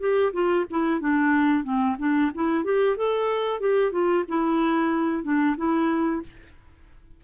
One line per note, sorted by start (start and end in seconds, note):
0.00 0.33 G4
0.33 0.66 F4
0.70 1.00 E4
1.00 1.64 D4
1.64 1.97 C4
1.99 2.32 D4
2.35 2.64 E4
2.64 2.96 G4
2.96 3.60 A4
3.60 3.92 G4
3.92 4.25 F4
4.28 5.24 E4
5.24 5.56 D4
5.57 6.22 E4